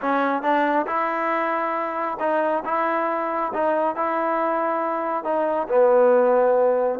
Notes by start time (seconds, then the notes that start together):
0.01 C#4
0.42 D4
0.86 E4
2.19 D#4
2.65 E4
3.53 D#4
3.95 E4
5.24 D#4
5.68 B3